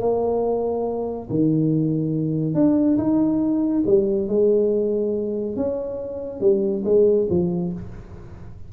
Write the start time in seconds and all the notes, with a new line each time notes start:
0.00 A#3
1.30 D#3
2.55 D4
2.98 D#4
3.87 G3
4.29 G#3
5.57 C#4
6.41 G3
6.85 G#3
7.30 F3